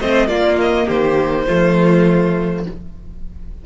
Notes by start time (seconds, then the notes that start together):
0.00 A3 C4 C5 D#5
0.28 A#3 F4 D5
0.61 D#5
0.86 D#3 G4 C5
1.47 F3 A3 F4